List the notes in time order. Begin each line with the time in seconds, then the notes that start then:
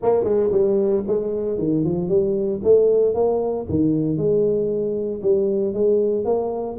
0.02 A#3
0.23 G#3
0.51 G3
1.07 G#3
1.58 D#3
1.84 F3
2.08 G3
2.63 A3
3.14 A#3
3.69 D#3
4.17 G#3
5.22 G3
5.73 G#3
6.25 A#3